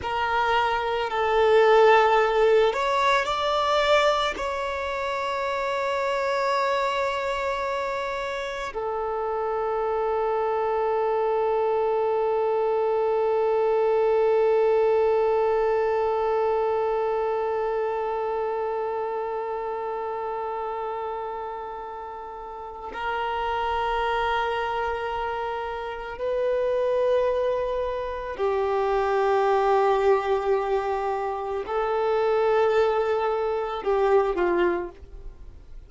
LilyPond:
\new Staff \with { instrumentName = "violin" } { \time 4/4 \tempo 4 = 55 ais'4 a'4. cis''8 d''4 | cis''1 | a'1~ | a'1~ |
a'1~ | a'4 ais'2. | b'2 g'2~ | g'4 a'2 g'8 f'8 | }